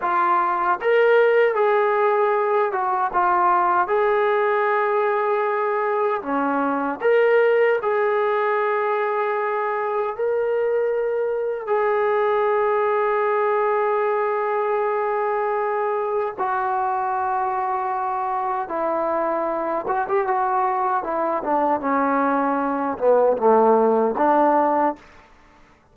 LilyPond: \new Staff \with { instrumentName = "trombone" } { \time 4/4 \tempo 4 = 77 f'4 ais'4 gis'4. fis'8 | f'4 gis'2. | cis'4 ais'4 gis'2~ | gis'4 ais'2 gis'4~ |
gis'1~ | gis'4 fis'2. | e'4. fis'16 g'16 fis'4 e'8 d'8 | cis'4. b8 a4 d'4 | }